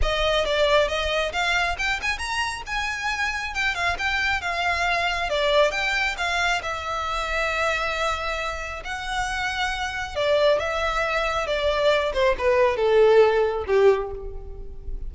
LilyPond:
\new Staff \with { instrumentName = "violin" } { \time 4/4 \tempo 4 = 136 dis''4 d''4 dis''4 f''4 | g''8 gis''8 ais''4 gis''2 | g''8 f''8 g''4 f''2 | d''4 g''4 f''4 e''4~ |
e''1 | fis''2. d''4 | e''2 d''4. c''8 | b'4 a'2 g'4 | }